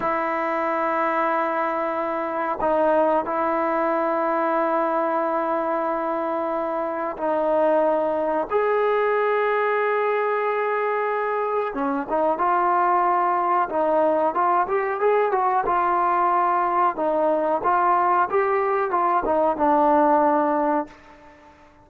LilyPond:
\new Staff \with { instrumentName = "trombone" } { \time 4/4 \tempo 4 = 92 e'1 | dis'4 e'2.~ | e'2. dis'4~ | dis'4 gis'2.~ |
gis'2 cis'8 dis'8 f'4~ | f'4 dis'4 f'8 g'8 gis'8 fis'8 | f'2 dis'4 f'4 | g'4 f'8 dis'8 d'2 | }